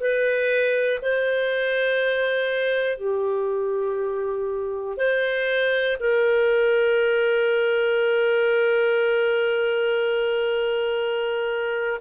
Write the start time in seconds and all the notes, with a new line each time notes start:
0.00 B4
1.02 C5
2.97 G4
4.97 C5
6.00 A#4